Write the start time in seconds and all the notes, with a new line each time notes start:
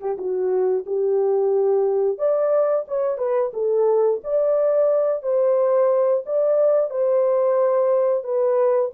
0.00 G4
0.17 F#4
0.86 G4
2.18 D5
2.88 C#5
3.18 B4
3.53 A4
4.24 D5
5.22 C5
6.26 D5
6.90 C5
8.24 B4